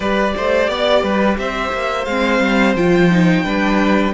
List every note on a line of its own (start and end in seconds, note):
0.00 0.34 G3
0.00 2.08 G4
0.00 0.34 B4
0.00 1.37 D5
0.36 0.68 A3
0.36 0.69 C5
0.68 1.03 B3
0.68 1.02 D5
1.02 1.37 G3
1.02 1.37 B4
1.37 1.72 C4
1.37 3.44 C5
1.37 2.05 E5
1.73 2.06 A#3
2.05 2.40 G#3
2.05 2.77 C4
2.05 2.74 F5
2.40 2.74 G3
2.74 3.43 F3
2.74 3.11 F4
2.74 4.13 G5
3.11 3.44 D#4
3.44 4.13 G3
3.44 4.13 D4
3.44 4.13 B4